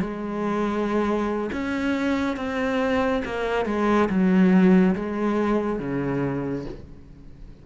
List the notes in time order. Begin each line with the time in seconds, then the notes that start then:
0.00 G#3
1.52 C#4
2.36 C4
3.25 A#3
3.65 G#3
4.09 F#3
4.95 G#3
5.79 C#3